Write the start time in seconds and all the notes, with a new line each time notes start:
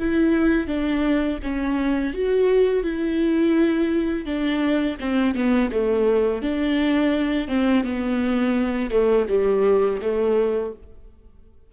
0.00 E4
0.68 D4
1.43 C#4
2.14 F#4
2.84 E4
4.26 D4
5.00 C4
5.35 B3
5.72 A3
6.42 D4
7.48 C4
7.84 B3
8.91 A3
9.29 G3
10.02 A3